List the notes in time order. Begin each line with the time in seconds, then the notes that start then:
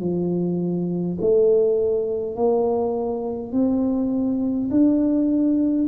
0.00 F3
1.21 A3
2.35 A#3
3.52 C4
4.71 D4